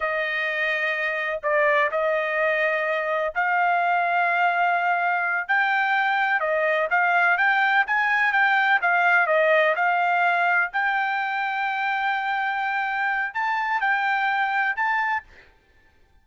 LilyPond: \new Staff \with { instrumentName = "trumpet" } { \time 4/4 \tempo 4 = 126 dis''2. d''4 | dis''2. f''4~ | f''2.~ f''8 g''8~ | g''4. dis''4 f''4 g''8~ |
g''8 gis''4 g''4 f''4 dis''8~ | dis''8 f''2 g''4.~ | g''1 | a''4 g''2 a''4 | }